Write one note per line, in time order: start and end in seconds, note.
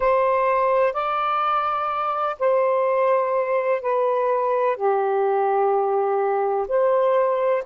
0.00 0.93 C5
0.93 2.35 D5
2.39 3.81 C5
3.81 4.76 B4
4.76 6.67 G4
6.68 7.63 C5